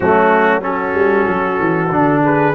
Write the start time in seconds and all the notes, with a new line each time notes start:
0.00 F#3 A3 C#4 F#4
0.61 C#4 F#4 A4
0.94 G3
1.28 F#3
1.59 E3
1.91 D3 D4
2.22 G#4 B4